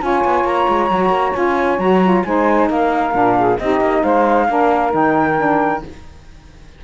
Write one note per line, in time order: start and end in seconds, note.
0.00 0.24 C#4
0.00 0.90 F4
0.00 2.26 C#5
0.00 0.47 G#5
0.25 0.44 B3
0.44 0.67 A#3
0.44 1.35 A#5
0.68 0.90 G#3
0.90 1.09 F#3
0.90 1.34 F#4
1.09 1.32 A#3
1.34 1.79 C#4
1.34 1.78 F4
1.34 1.79 G#5
1.79 2.23 F#3
1.79 2.02 F#4
1.79 2.24 A#5
2.03 2.25 F4
2.24 2.70 G#3
2.24 3.12 D#4
2.24 2.70 C5
2.24 2.69 G#5
2.70 3.14 A#3
2.70 3.37 A#4
2.70 3.59 F5
3.12 3.59 A#2
3.12 3.57 D4
3.37 3.60 G#4
3.59 3.80 C4
3.59 4.49 D#4
3.59 4.03 G4
3.59 4.03 D#5
3.80 4.03 A#3
4.03 4.49 G#3
4.03 4.47 C5
4.03 4.93 F5
4.49 4.93 A#3
4.49 4.91 D4
4.49 5.84 A#4
4.91 5.83 D#3
4.91 5.36 D#4
4.91 5.84 G5
5.37 5.82 D4